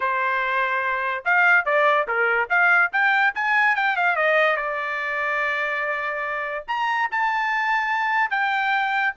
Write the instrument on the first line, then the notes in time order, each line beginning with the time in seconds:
trumpet
0.00 C5
1.24 F5
1.65 D5
2.07 A#4
2.49 F5
2.92 G5
3.34 G#5
3.75 G5
3.96 F5
4.16 D#5
4.56 D5
6.67 A#5
7.11 A5
8.30 G5